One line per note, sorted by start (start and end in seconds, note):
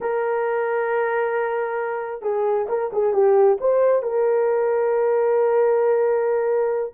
0.00 2.22 A#4
2.22 2.66 G#4
2.69 2.91 A#4
2.92 3.13 G#4
3.13 3.58 G4
3.60 4.02 C5
4.02 6.93 A#4